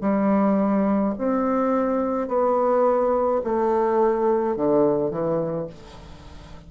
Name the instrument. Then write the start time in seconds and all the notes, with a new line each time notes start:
bassoon
0.00 G3
1.17 C4
2.27 B3
3.43 A3
4.56 D3
5.10 E3